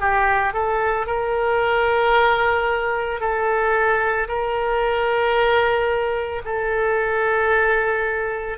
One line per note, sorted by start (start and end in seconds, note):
0.00 0.53 G4
0.53 1.06 A4
1.06 3.20 A#4
3.20 4.27 A4
4.28 6.42 A#4
6.44 8.58 A4